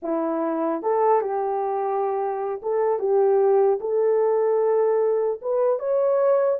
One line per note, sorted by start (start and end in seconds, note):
0.02 0.82 E4
0.82 1.21 A4
1.21 2.61 G4
2.62 2.99 A4
2.99 3.79 G4
3.80 5.40 A4
5.41 5.79 B4
5.79 6.59 C#5